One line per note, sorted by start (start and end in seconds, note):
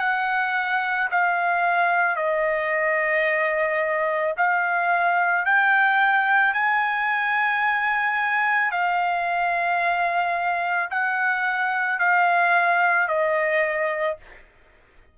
0.00 1.09 F#5
1.11 2.17 F5
2.17 4.35 D#5
4.38 5.45 F5
5.45 6.54 G5
6.54 8.72 G#5
8.72 10.90 F5
10.91 12.00 F#5
12.00 13.09 F5
13.09 14.18 D#5